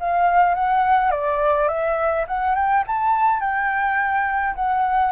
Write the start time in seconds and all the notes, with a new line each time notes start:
0.00 F5
0.55 F#5
1.11 D5
1.69 E5
2.28 F#5
2.55 G5
2.87 A5
3.41 G5
4.55 F#5